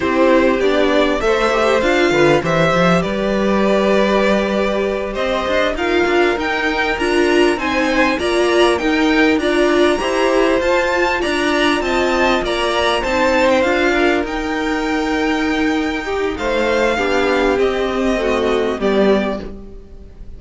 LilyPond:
<<
  \new Staff \with { instrumentName = "violin" } { \time 4/4 \tempo 4 = 99 c''4 d''4 e''4 f''4 | e''4 d''2.~ | d''8 dis''4 f''4 g''4 ais''8~ | ais''8 gis''4 ais''4 g''4 ais''8~ |
ais''4. a''4 ais''4 a''8~ | a''8 ais''4 a''8. g''16 f''4 g''8~ | g''2. f''4~ | f''4 dis''2 d''4 | }
  \new Staff \with { instrumentName = "violin" } { \time 4/4 g'2 c''4. b'8 | c''4 b'2.~ | b'8 c''4 ais'2~ ais'8~ | ais'8 c''4 d''4 ais'4 d''8~ |
d''8 c''2 d''4 dis''8~ | dis''8 d''4 c''4. ais'4~ | ais'2~ ais'8 g'8 c''4 | g'2 fis'4 g'4 | }
  \new Staff \with { instrumentName = "viola" } { \time 4/4 e'4 d'4 a'8 g'8 f'4 | g'1~ | g'4. f'4 dis'4 f'8~ | f'8 dis'4 f'4 dis'4 f'8~ |
f'8 g'4 f'2~ f'8~ | f'4. dis'4 f'4 dis'8~ | dis'1 | d'4 c'4 a4 b4 | }
  \new Staff \with { instrumentName = "cello" } { \time 4/4 c'4 b4 a4 d'8 d8 | e8 f8 g2.~ | g8 c'8 d'8 dis'8 d'8 dis'4 d'8~ | d'8 c'4 ais4 dis'4 d'8~ |
d'8 e'4 f'4 d'4 c'8~ | c'8 ais4 c'4 d'4 dis'8~ | dis'2. a4 | b4 c'2 g4 | }
>>